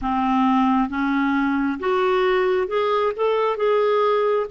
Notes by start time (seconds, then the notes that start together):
0.01 C4
0.89 C#4
1.79 F#4
2.67 G#4
3.15 A4
3.56 G#4